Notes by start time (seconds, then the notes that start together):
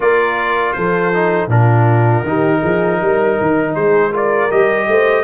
0.00 A#3 F4 A#4 D5
0.73 F3 A4 C5
1.13 D#4
1.47 A#2 D4 F4 A#4
2.23 D#3 D#4 G4
2.60 F3 G#4
3.01 G3 A#4
3.40 D#3
3.75 G#3 G#4 C5
4.10 F4 A#4 D5
4.50 G3 G4 D#5
4.87 A3 C5